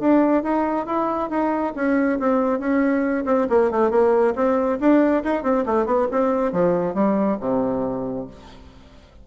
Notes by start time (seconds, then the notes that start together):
0.00 D4
0.43 D#4
0.87 E4
1.30 D#4
1.76 C#4
2.20 C4
2.60 C#4
3.26 C4
3.50 A#3
3.71 A3
3.91 A#3
4.36 C4
4.80 D4
5.24 D#4
5.43 C4
5.66 A3
5.86 B3
6.12 C4
6.53 F3
6.94 G3
7.41 C3